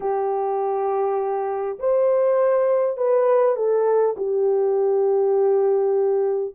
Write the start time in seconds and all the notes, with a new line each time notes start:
0.00 G4
1.79 C5
2.97 B4
3.55 A4
4.16 G4